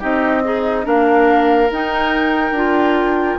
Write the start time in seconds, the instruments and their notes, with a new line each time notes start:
0.00 bassoon C4, clarinet D#4, oboe G4, flute D#5
0.44 oboe D#4, clarinet G#4
0.83 bassoon A#3, clarinet D4, oboe A#4, flute F5
1.70 bassoon D#4, clarinet D#4, flute G5
2.52 bassoon D4, clarinet F4